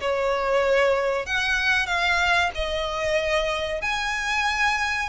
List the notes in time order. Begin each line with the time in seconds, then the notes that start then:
0.00 C#5
1.26 F#5
1.86 F5
2.54 D#5
3.82 G#5